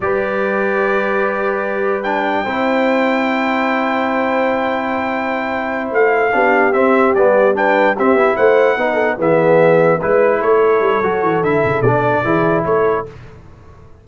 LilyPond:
<<
  \new Staff \with { instrumentName = "trumpet" } { \time 4/4 \tempo 4 = 147 d''1~ | d''4 g''2.~ | g''1~ | g''2~ g''8 f''4.~ |
f''8 e''4 d''4 g''4 e''8~ | e''8 fis''2 e''4.~ | e''8 b'4 cis''2~ cis''8 | e''4 d''2 cis''4 | }
  \new Staff \with { instrumentName = "horn" } { \time 4/4 b'1~ | b'2 c''2~ | c''1~ | c''2.~ c''8 g'8~ |
g'2~ g'8 b'4 g'8~ | g'8 c''4 b'8 a'8 gis'4.~ | gis'8 b'4 a'2~ a'8~ | a'2 gis'4 a'4 | }
  \new Staff \with { instrumentName = "trombone" } { \time 4/4 g'1~ | g'4 d'4 e'2~ | e'1~ | e'2.~ e'8 d'8~ |
d'8 c'4 b4 d'4 c'8 | e'4. dis'4 b4.~ | b8 e'2~ e'8 fis'4 | e'4 d'4 e'2 | }
  \new Staff \with { instrumentName = "tuba" } { \time 4/4 g1~ | g2 c'2~ | c'1~ | c'2~ c'8 a4 b8~ |
b8 c'4 g2 c'8 | b8 a4 b4 e4.~ | e8 gis4 a4 g8 fis8 e8 | d8 cis8 b,4 e4 a4 | }
>>